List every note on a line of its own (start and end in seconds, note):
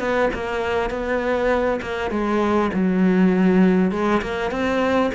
0.00 0.30 B3
0.34 0.91 A#3
0.91 1.81 B3
1.82 2.11 A#3
2.11 2.71 G#3
2.74 3.92 F#3
3.92 4.22 G#3
4.22 4.51 A#3
4.51 5.11 C4